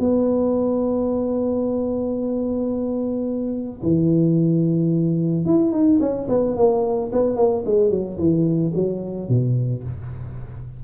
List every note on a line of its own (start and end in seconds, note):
0.00 3.82 B3
3.83 5.46 E3
5.46 5.72 E4
5.72 6.00 D#4
6.00 6.28 C#4
6.29 6.57 B3
6.57 7.11 A#3
7.13 7.37 B3
7.37 7.64 A#3
7.66 7.91 G#3
7.91 8.18 F#3
8.18 8.73 E3
8.75 9.29 F#3
9.29 9.84 B2